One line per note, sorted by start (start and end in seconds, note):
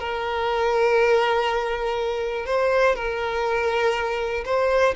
0.00 2.46 A#4
2.46 2.96 C5
2.96 4.44 A#4
4.45 4.95 C5